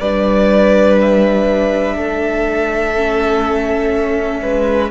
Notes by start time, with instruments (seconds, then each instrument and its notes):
0.00 cello G3, viola D4, violin B4 D5
1.01 violin E5
1.95 cello A3, violin A4
2.96 viola C#4
4.42 cello G#3, violin B4